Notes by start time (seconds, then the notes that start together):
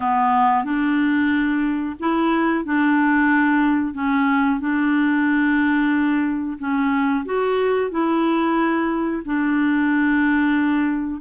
0.00 B3
0.64 D4
1.99 E4
2.64 D4
3.94 C#4
4.60 D4
6.58 C#4
7.25 F#4
7.91 E4
9.25 D4